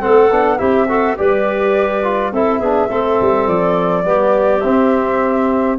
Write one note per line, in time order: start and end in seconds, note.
0.00 0.31 A3
0.00 0.29 C4
0.00 0.58 A4
0.00 0.58 F#5
0.31 0.60 B3
0.31 0.58 D4
0.58 1.18 C4
0.58 0.87 E4
0.58 0.87 G4
0.58 1.16 E5
0.88 1.17 F#4
0.88 1.17 A4
1.17 2.32 G3
1.17 2.03 G4
1.17 2.32 B4
1.17 2.33 D5
2.03 2.32 F4
2.32 2.60 C4
2.32 2.63 E4
2.32 2.59 A4
2.32 3.48 E5
2.59 2.89 B3
2.59 2.89 D4
2.59 2.88 G#4
2.88 3.19 A3
2.88 4.04 C4
2.88 4.04 A4
3.21 3.47 G3
3.47 4.05 F3
3.47 4.60 D5
4.04 4.63 G3
4.04 4.61 B3
4.04 5.78 G4
4.60 5.78 C4
4.60 5.76 E5